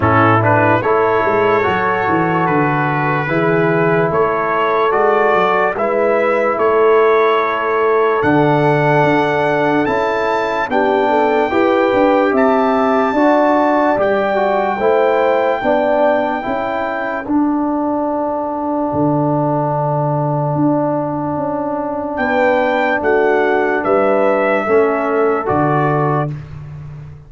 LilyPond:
<<
  \new Staff \with { instrumentName = "trumpet" } { \time 4/4 \tempo 4 = 73 a'8 b'8 cis''2 b'4~ | b'4 cis''4 d''4 e''4 | cis''2 fis''2 | a''4 g''2 a''4~ |
a''4 g''2.~ | g''4 fis''2.~ | fis''2. g''4 | fis''4 e''2 d''4 | }
  \new Staff \with { instrumentName = "horn" } { \time 4/4 e'4 a'2. | gis'4 a'2 b'4 | a'1~ | a'4 g'8 a'8 b'4 e''4 |
d''2 c''4 d''4 | a'1~ | a'2. b'4 | fis'4 b'4 a'2 | }
  \new Staff \with { instrumentName = "trombone" } { \time 4/4 cis'8 d'8 e'4 fis'2 | e'2 fis'4 e'4~ | e'2 d'2 | e'4 d'4 g'2 |
fis'4 g'8 fis'8 e'4 d'4 | e'4 d'2.~ | d'1~ | d'2 cis'4 fis'4 | }
  \new Staff \with { instrumentName = "tuba" } { \time 4/4 a,4 a8 gis8 fis8 e8 d4 | e4 a4 gis8 fis8 gis4 | a2 d4 d'4 | cis'4 b4 e'8 d'8 c'4 |
d'4 g4 a4 b4 | cis'4 d'2 d4~ | d4 d'4 cis'4 b4 | a4 g4 a4 d4 | }
>>